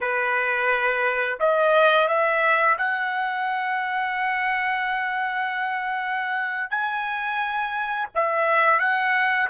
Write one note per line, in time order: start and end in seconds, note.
0.00 1.38 B4
1.39 2.08 D#5
2.08 2.76 E5
2.77 6.70 F#5
6.70 8.08 G#5
8.14 8.79 E5
8.79 9.48 F#5